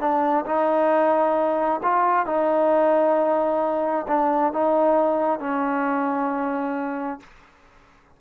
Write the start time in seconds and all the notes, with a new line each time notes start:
0.00 D4
0.46 D#4
1.83 F4
2.26 D#4
4.08 D4
4.53 D#4
5.40 C#4